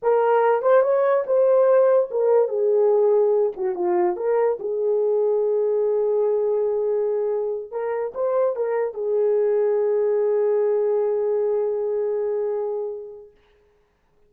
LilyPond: \new Staff \with { instrumentName = "horn" } { \time 4/4 \tempo 4 = 144 ais'4. c''8 cis''4 c''4~ | c''4 ais'4 gis'2~ | gis'8 fis'8 f'4 ais'4 gis'4~ | gis'1~ |
gis'2~ gis'8 ais'4 c''8~ | c''8 ais'4 gis'2~ gis'8~ | gis'1~ | gis'1 | }